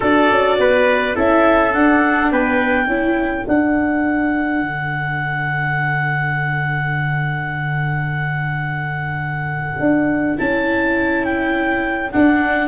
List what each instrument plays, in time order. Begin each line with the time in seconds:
0.00 tuba D4, viola F#4, trumpet A4, clarinet D5
0.30 tuba C#4
0.58 tuba B3, trumpet B4
1.14 tuba C#4, viola E4, trumpet A4, clarinet E5
1.73 viola D4, tuba D4, clarinet F#5
2.31 tuba B3, trumpet B4, clarinet G5
2.87 tuba C#4, viola E4, trumpet A4
3.46 viola D4, tuba D4, clarinet F#5
4.61 tuba D3
9.79 tuba D4
10.37 tuba C#4, viola E4, clarinet A5
11.24 clarinet G5
12.11 viola D4, tuba D4, clarinet F#5